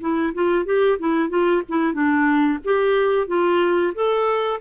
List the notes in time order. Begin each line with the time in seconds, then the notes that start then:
0.00 E4
0.34 F4
0.65 G4
0.98 E4
1.29 F4
1.69 E4
1.93 D4
2.64 G4
3.27 F4
3.94 A4